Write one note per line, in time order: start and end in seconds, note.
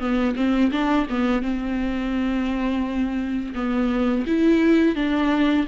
0.00 0.35 B3
0.36 0.71 C4
0.72 1.07 D4
1.10 1.42 B3
1.42 3.54 C4
3.55 4.25 B3
4.27 4.96 E4
4.96 5.66 D4